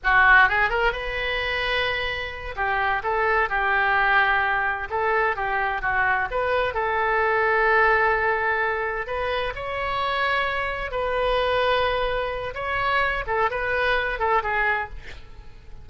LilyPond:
\new Staff \with { instrumentName = "oboe" } { \time 4/4 \tempo 4 = 129 fis'4 gis'8 ais'8 b'2~ | b'4. g'4 a'4 g'8~ | g'2~ g'8 a'4 g'8~ | g'8 fis'4 b'4 a'4.~ |
a'2.~ a'8 b'8~ | b'8 cis''2. b'8~ | b'2. cis''4~ | cis''8 a'8 b'4. a'8 gis'4 | }